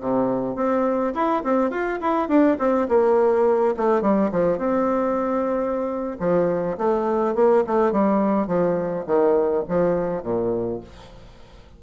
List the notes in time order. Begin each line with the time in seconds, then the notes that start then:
0.00 C3
0.55 C4
1.14 E4
1.43 C4
1.70 F4
2.01 E4
2.28 D4
2.59 C4
2.88 A#3
3.77 A3
4.01 G3
4.32 F3
4.58 C4
6.19 F3
6.78 A3
7.35 A#3
7.67 A3
7.92 G3
8.47 F3
9.06 D#3
9.68 F3
10.23 A#2